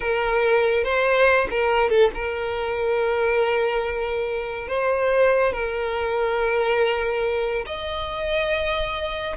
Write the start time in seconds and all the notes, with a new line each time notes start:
0.00 A#4
0.84 C5
1.50 A#4
1.89 A4
2.14 A#4
4.68 C5
5.52 A#4
7.66 D#5